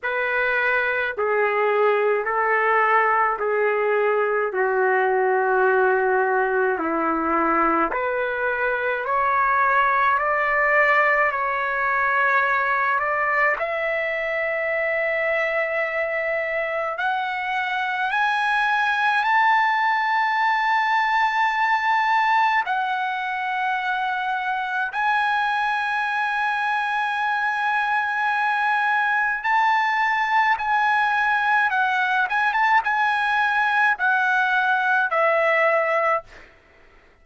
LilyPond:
\new Staff \with { instrumentName = "trumpet" } { \time 4/4 \tempo 4 = 53 b'4 gis'4 a'4 gis'4 | fis'2 e'4 b'4 | cis''4 d''4 cis''4. d''8 | e''2. fis''4 |
gis''4 a''2. | fis''2 gis''2~ | gis''2 a''4 gis''4 | fis''8 gis''16 a''16 gis''4 fis''4 e''4 | }